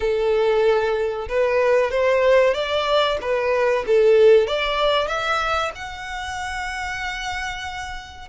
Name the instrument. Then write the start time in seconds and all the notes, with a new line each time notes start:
violin
0.00 A4
1.28 B4
1.91 C5
2.54 D5
3.21 B4
3.86 A4
4.47 D5
5.07 E5
5.74 F#5